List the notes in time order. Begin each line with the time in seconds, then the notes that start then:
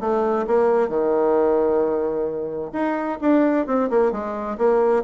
0.00 A3
0.47 A#3
0.89 D#3
2.73 D#4
3.21 D4
3.67 C4
3.90 A#3
4.12 G#3
4.58 A#3